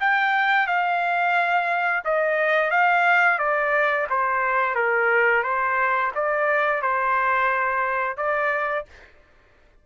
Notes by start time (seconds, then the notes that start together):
0.00 G5
0.67 F5
2.04 D#5
2.70 F5
3.38 D5
4.09 C5
4.75 A#4
5.43 C5
6.15 D5
6.81 C5
8.17 D5